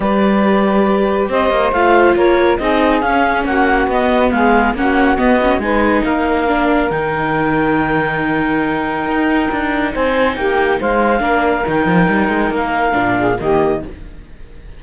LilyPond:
<<
  \new Staff \with { instrumentName = "clarinet" } { \time 4/4 \tempo 4 = 139 d''2. dis''4 | f''4 cis''4 dis''4 f''4 | fis''4 dis''4 f''4 fis''4 | dis''4 gis''4 f''2 |
g''1~ | g''2. gis''4 | g''4 f''2 g''4~ | g''4 f''2 dis''4 | }
  \new Staff \with { instrumentName = "saxophone" } { \time 4/4 b'2. c''4~ | c''4 ais'4 gis'2 | fis'2 gis'4 fis'4~ | fis'4 b'4 ais'2~ |
ais'1~ | ais'2. c''4 | g'4 c''4 ais'2~ | ais'2~ ais'8 gis'8 g'4 | }
  \new Staff \with { instrumentName = "viola" } { \time 4/4 g'1 | f'2 dis'4 cis'4~ | cis'4 b2 cis'4 | b8 cis'8 dis'2 d'4 |
dis'1~ | dis'1~ | dis'2 d'4 dis'4~ | dis'2 d'4 ais4 | }
  \new Staff \with { instrumentName = "cello" } { \time 4/4 g2. c'8 ais8 | a4 ais4 c'4 cis'4 | ais4 b4 gis4 ais4 | b4 gis4 ais2 |
dis1~ | dis4 dis'4 d'4 c'4 | ais4 gis4 ais4 dis8 f8 | g8 gis8 ais4 ais,4 dis4 | }
>>